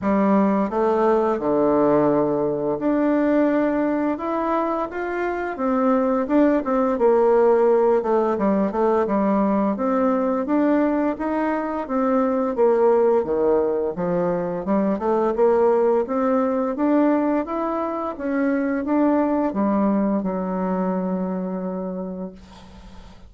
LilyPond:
\new Staff \with { instrumentName = "bassoon" } { \time 4/4 \tempo 4 = 86 g4 a4 d2 | d'2 e'4 f'4 | c'4 d'8 c'8 ais4. a8 | g8 a8 g4 c'4 d'4 |
dis'4 c'4 ais4 dis4 | f4 g8 a8 ais4 c'4 | d'4 e'4 cis'4 d'4 | g4 fis2. | }